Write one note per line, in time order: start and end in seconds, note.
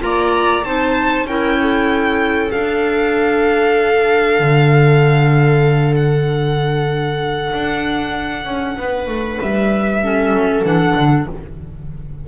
0.00 0.63 A#3
0.00 0.62 F4
0.00 0.65 D5
0.00 0.64 A#5
0.63 1.25 C4
0.63 1.27 D#4
0.63 1.28 C5
0.63 1.27 A5
1.25 2.50 C#4
1.25 2.51 E4
1.25 1.60 A#4
1.25 2.51 G5
1.60 8.78 A4
2.51 10.01 D4
2.51 4.39 D4
2.51 5.95 F5
4.39 7.52 D3
5.96 9.39 F#5
7.53 8.45 D4
8.45 8.77 C#4
8.77 9.07 B3
8.77 10.03 B4
9.07 9.38 A3
9.42 10.31 G3
9.42 10.65 E5
10.02 10.64 C#4
10.02 11.28 A4
10.31 10.63 F#3
10.64 10.95 E3
10.64 11.27 D4
10.64 11.27 F#5
10.96 11.28 D3